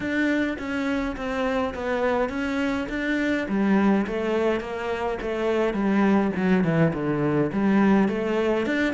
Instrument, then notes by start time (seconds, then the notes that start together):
cello
0.00 D4
0.58 C#4
1.16 C4
1.74 B3
2.29 C#4
2.89 D4
3.48 G3
4.06 A3
4.60 A#3
5.21 A3
5.73 G3
6.36 F#3
6.63 E3
6.93 D3
7.52 G3
8.08 A3
8.66 D4